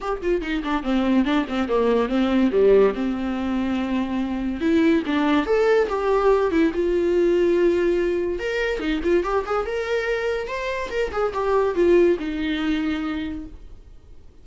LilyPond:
\new Staff \with { instrumentName = "viola" } { \time 4/4 \tempo 4 = 143 g'8 f'8 dis'8 d'8 c'4 d'8 c'8 | ais4 c'4 g4 c'4~ | c'2. e'4 | d'4 a'4 g'4. e'8 |
f'1 | ais'4 dis'8 f'8 g'8 gis'8 ais'4~ | ais'4 c''4 ais'8 gis'8 g'4 | f'4 dis'2. | }